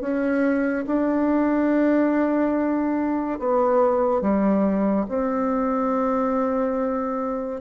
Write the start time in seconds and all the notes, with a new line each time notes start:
0.00 C#4
0.86 D4
3.38 B3
4.21 G3
5.08 C4